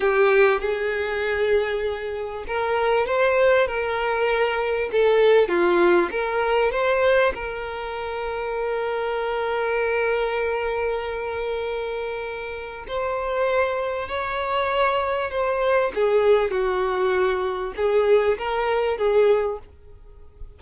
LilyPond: \new Staff \with { instrumentName = "violin" } { \time 4/4 \tempo 4 = 98 g'4 gis'2. | ais'4 c''4 ais'2 | a'4 f'4 ais'4 c''4 | ais'1~ |
ais'1~ | ais'4 c''2 cis''4~ | cis''4 c''4 gis'4 fis'4~ | fis'4 gis'4 ais'4 gis'4 | }